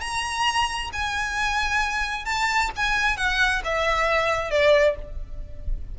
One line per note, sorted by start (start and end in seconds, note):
0.00 0.90 A#5
0.93 2.25 G#5
2.25 2.70 A5
2.76 3.16 G#5
3.16 3.62 F#5
3.64 4.50 E5
4.50 4.95 D5